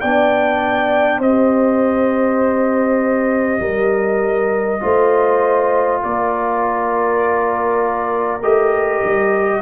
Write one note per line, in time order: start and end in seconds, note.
0.00 1.19 B3
0.00 1.23 D4
0.00 1.19 D5
0.00 1.20 G5
1.19 3.59 C4
1.19 4.80 G4
1.19 3.59 C5
1.19 6.02 D#5
3.60 4.80 G3
3.60 4.80 A#4
4.80 6.03 A3
4.80 8.40 F4
4.80 6.02 C5
6.02 8.42 A#3
6.02 9.61 A#4
6.02 8.42 D5
8.42 9.02 A3
8.42 9.61 G4
8.42 9.61 D#5
9.04 9.61 G3